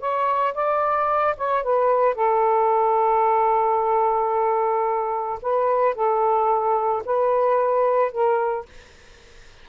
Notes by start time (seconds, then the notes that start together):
0.00 C#5
0.55 D5
1.37 C#5
1.63 B4
2.15 A4
5.42 B4
5.95 A4
7.05 B4
8.12 A#4